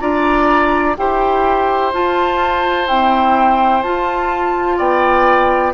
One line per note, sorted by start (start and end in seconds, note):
0.00 0.96 D4
0.00 0.95 F4
0.00 0.96 D5
0.00 0.95 A#5
0.97 1.93 E4
0.97 1.92 G4
0.97 4.77 C5
0.97 1.92 G5
1.93 2.88 F4
1.93 2.87 F4
1.93 2.88 A5
2.87 3.85 C4
2.87 3.82 E4
2.87 3.83 G5
3.83 4.79 F4
3.83 5.74 F4
3.83 4.78 A5
4.77 5.74 B3
4.77 5.72 D5
4.77 5.74 G5